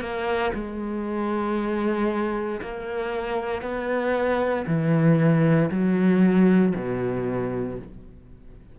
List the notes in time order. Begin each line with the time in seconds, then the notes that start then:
0.00 A#3
0.54 G#3
2.61 A#3
3.62 B3
4.66 E3
5.70 F#3
6.75 B2